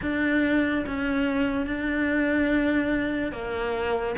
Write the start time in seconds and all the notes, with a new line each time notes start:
0.01 D4
0.86 C#4
1.66 D4
3.32 A#3